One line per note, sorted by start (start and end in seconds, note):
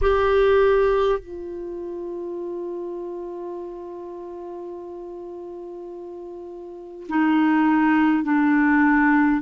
0.01 1.19 G4
1.19 7.07 F4
7.09 8.24 D#4
8.24 9.41 D4